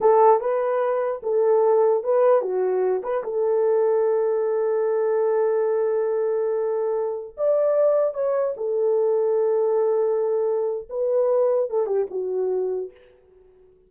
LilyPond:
\new Staff \with { instrumentName = "horn" } { \time 4/4 \tempo 4 = 149 a'4 b'2 a'4~ | a'4 b'4 fis'4. b'8 | a'1~ | a'1~ |
a'2~ a'16 d''4.~ d''16~ | d''16 cis''4 a'2~ a'8.~ | a'2. b'4~ | b'4 a'8 g'8 fis'2 | }